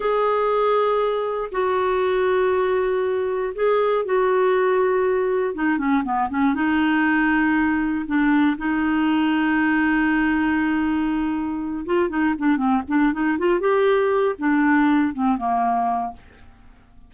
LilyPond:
\new Staff \with { instrumentName = "clarinet" } { \time 4/4 \tempo 4 = 119 gis'2. fis'4~ | fis'2. gis'4 | fis'2. dis'8 cis'8 | b8 cis'8 dis'2. |
d'4 dis'2.~ | dis'2.~ dis'8 f'8 | dis'8 d'8 c'8 d'8 dis'8 f'8 g'4~ | g'8 d'4. c'8 ais4. | }